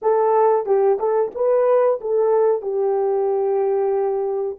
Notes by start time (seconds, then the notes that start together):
0.01 A4
0.66 G4
0.99 A4
1.34 B4
2.00 A4
2.61 G4